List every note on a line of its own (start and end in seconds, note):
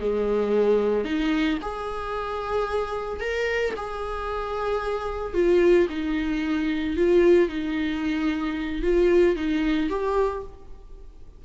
0.00 1.04 G#3
1.04 1.58 D#4
1.62 3.20 G#4
3.20 3.74 A#4
3.76 5.34 G#4
5.34 5.87 F4
5.90 6.96 D#4
6.96 7.49 F4
7.49 8.82 D#4
8.82 9.36 F4
9.36 9.89 D#4
9.89 10.43 G4